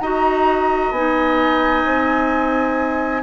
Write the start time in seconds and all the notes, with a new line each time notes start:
0.00 D#4 F#4 D#5 A#5
0.91 B3 D#4 G#5
1.84 C4